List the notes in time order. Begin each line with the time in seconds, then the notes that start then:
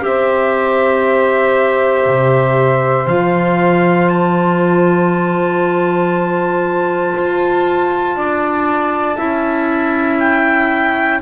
0.00 C4 G4 C5 E5
2.06 C3
3.07 F3 F4 F5
4.08 A5
7.16 F4
8.16 D4 D5
9.16 C#4 E4 E5
10.19 G5